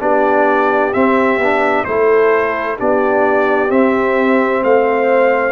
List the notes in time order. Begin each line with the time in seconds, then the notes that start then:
0.00 B3 D4 G4 D5
0.93 C4 E5
1.38 B3 D4
1.85 A3 E4 A4 C5
2.78 B3 D4 G4 D5
3.69 C4 E5
4.63 A3 C5 F5